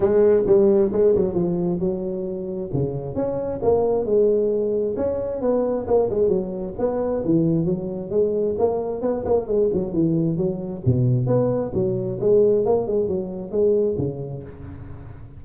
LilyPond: \new Staff \with { instrumentName = "tuba" } { \time 4/4 \tempo 4 = 133 gis4 g4 gis8 fis8 f4 | fis2 cis4 cis'4 | ais4 gis2 cis'4 | b4 ais8 gis8 fis4 b4 |
e4 fis4 gis4 ais4 | b8 ais8 gis8 fis8 e4 fis4 | b,4 b4 fis4 gis4 | ais8 gis8 fis4 gis4 cis4 | }